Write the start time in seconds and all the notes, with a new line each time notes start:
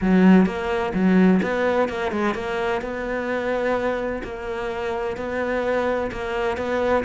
0.01 F#3
0.46 A#3
0.94 F#3
1.42 B3
1.89 A#3
2.11 G#3
2.34 A#3
2.81 B3
4.23 A#3
5.16 B3
6.11 A#3
6.57 B3